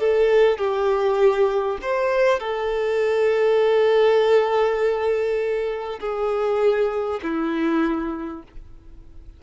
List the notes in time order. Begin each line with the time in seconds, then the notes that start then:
0.00 A4
0.58 G4
1.82 C5
2.39 A4
6.00 G#4
7.23 E4